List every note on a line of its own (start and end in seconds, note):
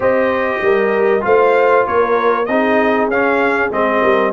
0.00 0.60 C4
0.00 1.20 G4
0.00 0.60 C5
0.00 1.24 D#5
0.61 1.23 G3
0.61 1.25 A#4
1.20 1.86 A3
1.20 2.44 F4
1.20 1.86 C5
1.20 1.86 F5
1.86 2.48 A#3
1.86 2.48 A#4
1.86 2.45 C#5
2.45 3.08 C4
2.45 3.11 D#4
2.45 4.01 G#4
2.45 3.07 D#5
3.08 3.70 C#4
3.08 3.72 C#4
3.08 3.72 F5
3.70 4.01 G#3
3.70 4.32 C4
3.70 4.32 D#5
4.01 4.32 G3
4.01 4.32 A#4